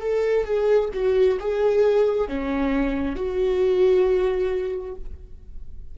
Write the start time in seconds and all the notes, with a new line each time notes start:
0.00 A4
0.44 G#4
0.93 F#4
1.40 G#4
2.28 C#4
3.16 F#4